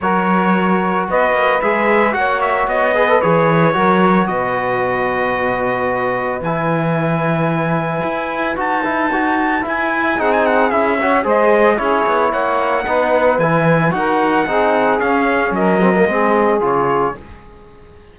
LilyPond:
<<
  \new Staff \with { instrumentName = "trumpet" } { \time 4/4 \tempo 4 = 112 cis''2 dis''4 e''4 | fis''8 e''8 dis''4 cis''2 | dis''1 | gis''1 |
a''2 gis''4 fis''16 gis''16 fis''8 | e''4 dis''4 cis''4 fis''4~ | fis''4 gis''4 fis''2 | f''4 dis''2 cis''4 | }
  \new Staff \with { instrumentName = "saxophone" } { \time 4/4 ais'2 b'2 | cis''4. b'4. ais'4 | b'1~ | b'1~ |
b'2. gis'4~ | gis'8 cis''8 c''4 gis'4 cis''4 | b'2 ais'4 gis'4~ | gis'4 ais'4 gis'2 | }
  \new Staff \with { instrumentName = "trombone" } { \time 4/4 fis'2. gis'4 | fis'4. gis'16 a'16 gis'4 fis'4~ | fis'1 | e'1 |
fis'8 e'8 fis'4 e'4 dis'4 | e'8 fis'8 gis'4 e'2 | dis'4 e'4 fis'4 dis'4 | cis'4. c'16 ais16 c'4 f'4 | }
  \new Staff \with { instrumentName = "cello" } { \time 4/4 fis2 b8 ais8 gis4 | ais4 b4 e4 fis4 | b,1 | e2. e'4 |
dis'2 e'4 c'4 | cis'4 gis4 cis'8 b8 ais4 | b4 e4 dis'4 c'4 | cis'4 fis4 gis4 cis4 | }
>>